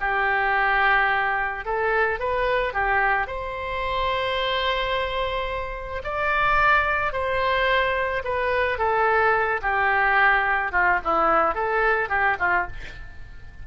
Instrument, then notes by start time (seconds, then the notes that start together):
oboe
0.00 G4
1.65 A4
2.19 B4
2.73 G4
3.27 C5
6.04 D5
7.13 C5
8.24 B4
8.78 A4
9.62 G4
10.72 F4
11.04 E4
11.55 A4
12.09 G4
12.39 F4